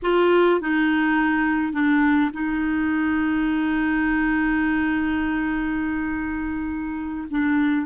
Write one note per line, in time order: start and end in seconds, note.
0.02 0.60 F4
0.60 1.72 D#4
1.72 2.30 D4
2.33 7.28 D#4
7.30 7.86 D4